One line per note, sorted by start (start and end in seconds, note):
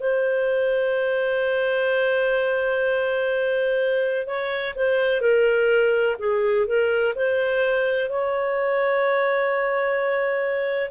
0.00 4.26 C5
4.26 4.74 C#5
4.75 5.21 C5
5.21 6.16 A#4
6.19 6.67 G#4
6.67 7.14 A#4
7.16 8.10 C5
8.10 10.91 C#5